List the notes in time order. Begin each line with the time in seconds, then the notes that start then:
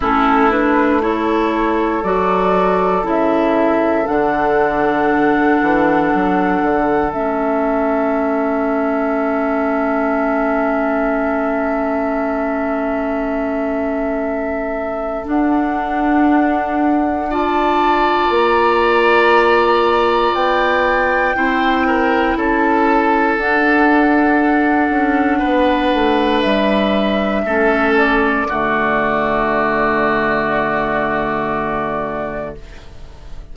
0.00 A3 C#4 E4 A4
0.50 D4 B4
1.01 E4 A4 C#5
2.03 F#3 F#4 D5
3.03 C#3 E4 E5
4.05 D3 D4 F#5
5.61 E3
6.13 F#3
6.61 D3
7.12 A3 C#4 E5
15.25 D4 F#5
17.29 F4 D5 A5
18.29 A#3 A#5
20.33 B3 G5
21.35 C4 E4 C5
21.86 A#4
22.36 C#4 A4 A5
23.37 D4 F#5
24.89 C#4
25.38 B3 B4
25.93 A3
26.41 G3 E5
27.44 A3 C#4 A4
27.97 D5
28.48 D3 A3 F#4